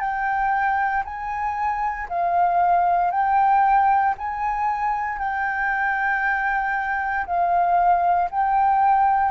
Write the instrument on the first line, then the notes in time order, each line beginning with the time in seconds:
flute
0.00 G5
1.04 G#5
2.09 F5
3.11 G5
4.18 G#5
5.19 G5
7.26 F5
8.30 G5